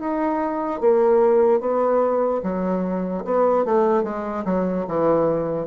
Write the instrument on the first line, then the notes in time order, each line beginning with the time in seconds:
bassoon
0.00 D#4
0.81 A#3
1.61 B3
2.43 F#3
3.25 B3
3.65 A3
4.04 G#3
4.45 F#3
4.88 E3